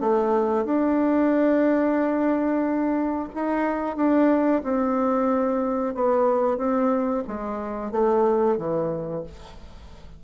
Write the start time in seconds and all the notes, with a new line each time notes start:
0.00 A3
0.65 D4
3.34 D#4
3.96 D4
4.63 C4
5.94 B3
6.57 C4
7.27 G#3
7.91 A3
8.57 E3